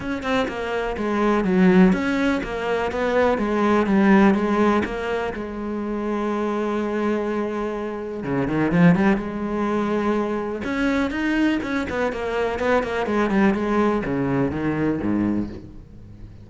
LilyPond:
\new Staff \with { instrumentName = "cello" } { \time 4/4 \tempo 4 = 124 cis'8 c'8 ais4 gis4 fis4 | cis'4 ais4 b4 gis4 | g4 gis4 ais4 gis4~ | gis1~ |
gis4 cis8 dis8 f8 g8 gis4~ | gis2 cis'4 dis'4 | cis'8 b8 ais4 b8 ais8 gis8 g8 | gis4 cis4 dis4 gis,4 | }